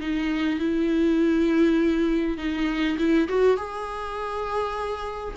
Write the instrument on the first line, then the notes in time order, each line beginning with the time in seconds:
viola
0.00 D#4
0.59 E4
2.37 D#4
2.98 E4
3.28 F#4
3.56 G#4